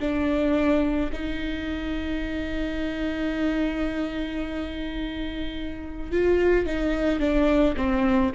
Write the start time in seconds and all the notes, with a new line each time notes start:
0.00 D4
1.13 D#4
6.12 F4
6.66 D#4
7.20 D4
7.77 C4